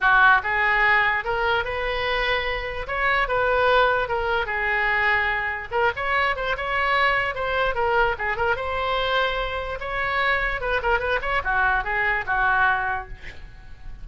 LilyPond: \new Staff \with { instrumentName = "oboe" } { \time 4/4 \tempo 4 = 147 fis'4 gis'2 ais'4 | b'2. cis''4 | b'2 ais'4 gis'4~ | gis'2 ais'8 cis''4 c''8 |
cis''2 c''4 ais'4 | gis'8 ais'8 c''2. | cis''2 b'8 ais'8 b'8 cis''8 | fis'4 gis'4 fis'2 | }